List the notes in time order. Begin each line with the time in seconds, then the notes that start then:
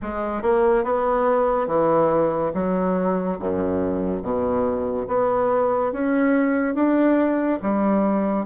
0.02 G#3
0.42 A#3
0.83 B3
1.67 E3
2.54 F#3
3.39 F#2
4.22 B2
5.07 B3
5.92 C#4
6.74 D4
7.62 G3